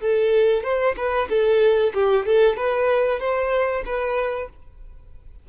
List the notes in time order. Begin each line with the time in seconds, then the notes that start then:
0.00 A4
0.63 C5
0.96 B4
1.29 A4
1.94 G4
2.25 A4
2.56 B4
3.19 C5
3.85 B4